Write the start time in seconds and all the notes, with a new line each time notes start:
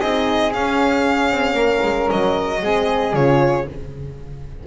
0.00 C4 D#4 G#4 D#5
0.52 C#4 F5
1.31 C4
1.53 A#3 A#4
1.83 G#3
2.10 F#3 D#5
2.62 G#3 C4 G#4
3.13 C#3 F4 C#5